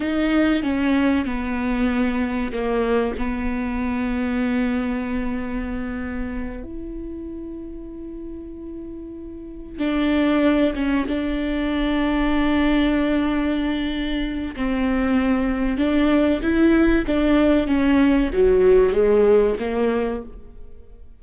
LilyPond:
\new Staff \with { instrumentName = "viola" } { \time 4/4 \tempo 4 = 95 dis'4 cis'4 b2 | ais4 b2.~ | b2~ b8 e'4.~ | e'2.~ e'8 d'8~ |
d'4 cis'8 d'2~ d'8~ | d'2. c'4~ | c'4 d'4 e'4 d'4 | cis'4 fis4 gis4 ais4 | }